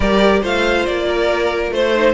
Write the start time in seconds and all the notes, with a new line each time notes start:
0.00 G3 G4 A#4 D5
0.41 A3 F4 C5 F5
0.85 A#3 D5
1.08 A#4
1.71 A3 C5
1.94 D#4